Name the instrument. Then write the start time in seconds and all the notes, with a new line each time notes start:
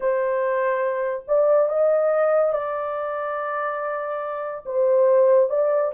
horn
0.00 C5
1.27 D5
1.69 D#5
2.52 D5
4.65 C5
5.49 D5